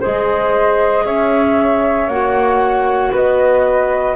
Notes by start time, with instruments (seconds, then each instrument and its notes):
0.00 double bass G#3, clarinet G#4, flute C5 D#5
1.05 double bass C#4, flute C#5 E5
2.07 double bass A#3, clarinet F#4, flute F#5
3.12 double bass B3, flute B4 D#5